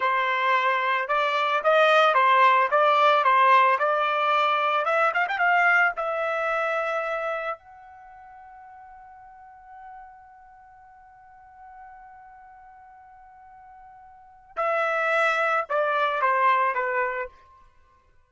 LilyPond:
\new Staff \with { instrumentName = "trumpet" } { \time 4/4 \tempo 4 = 111 c''2 d''4 dis''4 | c''4 d''4 c''4 d''4~ | d''4 e''8 f''16 g''16 f''4 e''4~ | e''2 fis''2~ |
fis''1~ | fis''1~ | fis''2. e''4~ | e''4 d''4 c''4 b'4 | }